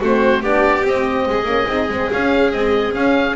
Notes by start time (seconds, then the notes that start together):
0.00 A3 C4 F#4 C5
0.42 B3 D4 G4 D5
0.82 C4 D#5
1.27 G#3 G#4
1.44 A#3 C#4
1.67 C4 D#4
1.89 G#3 C4
2.11 C#4 F5
2.52 G#3 C4 D#5
2.92 C#4 F5